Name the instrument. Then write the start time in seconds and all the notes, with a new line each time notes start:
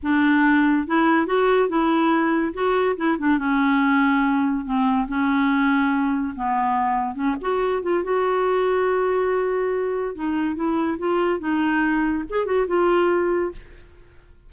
clarinet
0.02 D4
0.87 E4
1.26 F#4
1.68 E4
2.53 F#4
2.96 E4
3.18 D4
3.38 C#4
4.65 C4
5.07 C#4
6.35 B3
7.14 C#4
7.41 F#4
7.82 F4
8.03 F#4
10.15 D#4
10.55 E4
10.98 F4
11.39 D#4
12.29 G#4
12.45 F#4
12.67 F4